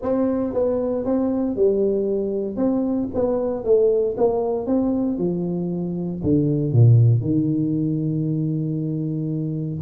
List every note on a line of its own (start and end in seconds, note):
0.01 0.53 C4
0.53 1.05 B3
1.05 1.55 C4
1.55 2.56 G3
2.56 3.08 C4
3.14 3.64 B3
3.64 4.16 A3
4.17 4.66 A#3
4.66 5.18 C4
5.18 6.21 F3
6.23 6.72 D3
6.72 7.21 A#2
7.21 9.79 D#3